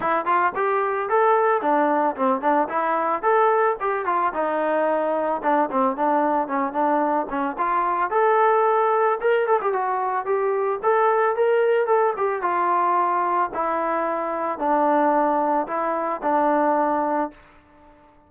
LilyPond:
\new Staff \with { instrumentName = "trombone" } { \time 4/4 \tempo 4 = 111 e'8 f'8 g'4 a'4 d'4 | c'8 d'8 e'4 a'4 g'8 f'8 | dis'2 d'8 c'8 d'4 | cis'8 d'4 cis'8 f'4 a'4~ |
a'4 ais'8 a'16 g'16 fis'4 g'4 | a'4 ais'4 a'8 g'8 f'4~ | f'4 e'2 d'4~ | d'4 e'4 d'2 | }